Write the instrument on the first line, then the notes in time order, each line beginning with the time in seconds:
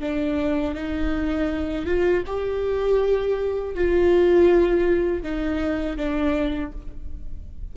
viola
0.00 D4
0.75 D#4
1.86 F4
2.27 G4
3.75 F4
5.23 D#4
5.97 D4